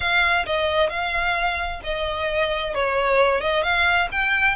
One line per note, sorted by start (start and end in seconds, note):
0.00 0.45 F5
0.46 0.89 D#5
0.89 1.80 F5
1.83 2.74 D#5
2.74 3.40 C#5
3.40 3.63 D#5
3.63 4.08 F5
4.11 4.56 G5